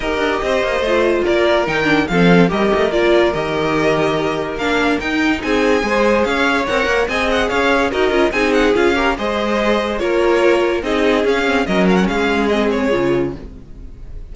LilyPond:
<<
  \new Staff \with { instrumentName = "violin" } { \time 4/4 \tempo 4 = 144 dis''2. d''4 | g''4 f''4 dis''4 d''4 | dis''2. f''4 | g''4 gis''2 f''4 |
fis''4 gis''8 fis''8 f''4 dis''4 | gis''8 fis''8 f''4 dis''2 | cis''2 dis''4 f''4 | dis''8 f''16 fis''16 f''4 dis''8 cis''4. | }
  \new Staff \with { instrumentName = "violin" } { \time 4/4 ais'4 c''2 ais'4~ | ais'4 a'4 ais'2~ | ais'1~ | ais'4 gis'4 c''4 cis''4~ |
cis''4 dis''4 cis''4 ais'4 | gis'4. ais'8 c''2 | ais'2 gis'2 | ais'4 gis'2. | }
  \new Staff \with { instrumentName = "viola" } { \time 4/4 g'2 f'2 | dis'8 d'8 c'4 g'4 f'4 | g'2. d'4 | dis'2 gis'2 |
ais'4 gis'2 fis'8 f'8 | dis'4 f'8 g'8 gis'2 | f'2 dis'4 cis'8 c'8 | cis'2 c'4 f'4 | }
  \new Staff \with { instrumentName = "cello" } { \time 4/4 dis'8 d'8 c'8 ais8 a4 ais4 | dis4 f4 g8 a8 ais4 | dis2. ais4 | dis'4 c'4 gis4 cis'4 |
c'8 ais8 c'4 cis'4 dis'8 cis'8 | c'4 cis'4 gis2 | ais2 c'4 cis'4 | fis4 gis2 cis4 | }
>>